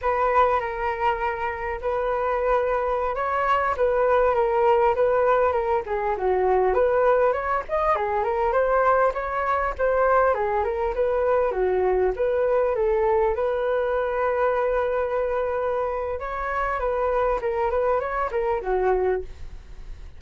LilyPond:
\new Staff \with { instrumentName = "flute" } { \time 4/4 \tempo 4 = 100 b'4 ais'2 b'4~ | b'4~ b'16 cis''4 b'4 ais'8.~ | ais'16 b'4 ais'8 gis'8 fis'4 b'8.~ | b'16 cis''8 dis''8 gis'8 ais'8 c''4 cis''8.~ |
cis''16 c''4 gis'8 ais'8 b'4 fis'8.~ | fis'16 b'4 a'4 b'4.~ b'16~ | b'2. cis''4 | b'4 ais'8 b'8 cis''8 ais'8 fis'4 | }